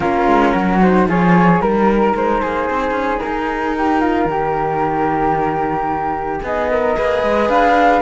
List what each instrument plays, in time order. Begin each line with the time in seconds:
0.00 cello A#3 C#4, flute F4 A#4
0.26 cello G#3
0.52 cello F#3, flute F#4
0.81 cello D#4, flute C5
1.06 cello F3 F4, flute G#4 C#5
1.60 cello G3 D#4, flute A#4
2.15 cello G#3, flute C5
2.41 cello A#3, flute G#4
2.70 cello C4
2.91 cello C#4
3.18 flute A#4
3.26 cello D#4
3.77 flute G4
4.00 flute F4
4.25 cello D#3, flute G4
6.43 cello B3, flute G#4 D#5
6.70 flute A#4
6.95 cello A#3 G#4, flute B4
7.23 cello G#3
7.49 cello D4, flute F5